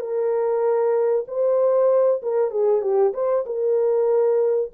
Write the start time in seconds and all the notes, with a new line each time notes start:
0.00 A#4
1.28 C5
2.22 A#4
2.51 G#4
2.82 G4
3.14 C5
3.46 A#4